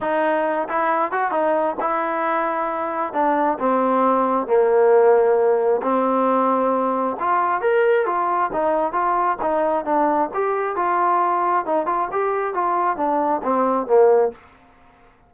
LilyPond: \new Staff \with { instrumentName = "trombone" } { \time 4/4 \tempo 4 = 134 dis'4. e'4 fis'8 dis'4 | e'2. d'4 | c'2 ais2~ | ais4 c'2. |
f'4 ais'4 f'4 dis'4 | f'4 dis'4 d'4 g'4 | f'2 dis'8 f'8 g'4 | f'4 d'4 c'4 ais4 | }